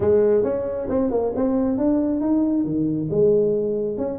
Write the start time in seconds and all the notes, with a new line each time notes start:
0.00 G#3
0.43 C#4
0.89 C4
1.10 A#3
1.35 C4
1.77 D4
2.21 D#4
2.64 D#3
3.10 G#3
3.97 C#4